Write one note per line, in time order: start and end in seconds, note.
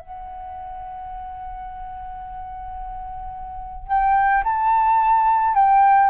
0.00 3.88 F#5
3.88 4.43 G5
4.44 5.55 A5
5.55 6.10 G5